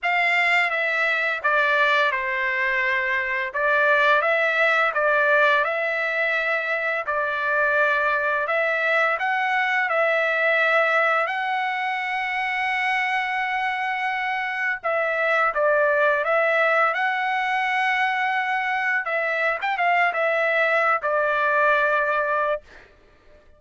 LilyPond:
\new Staff \with { instrumentName = "trumpet" } { \time 4/4 \tempo 4 = 85 f''4 e''4 d''4 c''4~ | c''4 d''4 e''4 d''4 | e''2 d''2 | e''4 fis''4 e''2 |
fis''1~ | fis''4 e''4 d''4 e''4 | fis''2. e''8. g''16 | f''8 e''4~ e''16 d''2~ d''16 | }